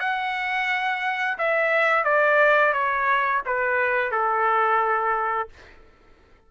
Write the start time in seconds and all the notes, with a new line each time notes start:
0.00 F#5
1.38 E5
2.04 D5
2.73 C#5
3.46 B4
4.11 A4